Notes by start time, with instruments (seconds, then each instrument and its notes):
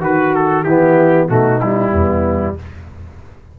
0.00 tuba D#3, trombone F#4, horn F#4, trumpet B4
0.34 trumpet A4
0.63 tuba E3, trombone B3, horn E4, trumpet G4
1.28 tuba B2, trombone A3, horn D#4, trumpet F#4
1.60 trombone G3, trumpet E4
1.91 tuba E2, horn B3